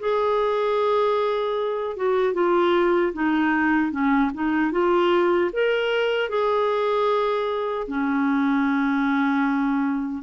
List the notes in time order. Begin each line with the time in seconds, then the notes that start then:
0.00 G#4
1.97 F#4
2.34 F4
3.13 D#4
3.92 C#4
4.34 D#4
4.72 F4
5.53 A#4
6.29 G#4
7.88 C#4